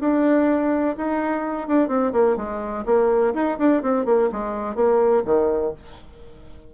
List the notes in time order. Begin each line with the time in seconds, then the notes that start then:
0.00 D4
0.97 D#4
1.68 D4
1.88 C4
2.13 A#3
2.37 G#3
2.86 A#3
3.34 D#4
3.59 D4
3.82 C4
4.06 A#3
4.32 G#3
4.75 A#3
5.26 D#3